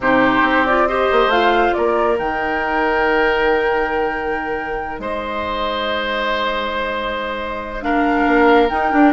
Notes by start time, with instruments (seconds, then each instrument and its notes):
0.00 bassoon C3, clarinet D#4, oboe G4, flute C5
0.41 bassoon C4
0.65 clarinet F4, flute D5
0.87 clarinet G4, oboe C5, flute D#5
1.11 bassoon A#3
1.26 bassoon A3, clarinet F4, flute F5
1.73 bassoon A#3, oboe A#4, flute D5
2.16 bassoon D#3, clarinet D#4, flute G5
4.99 bassoon G#3, oboe C5, flute D#5
7.81 clarinet D4, oboe A#4, flute F5
8.26 bassoon A#3
8.69 bassoon D#4, clarinet D#4, flute G5
8.91 clarinet D4, bassoon D4